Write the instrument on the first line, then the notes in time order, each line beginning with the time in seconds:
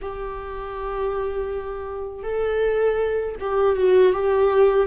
viola
0.01 G4
2.23 A4
3.40 G4
3.76 F#4
4.12 G4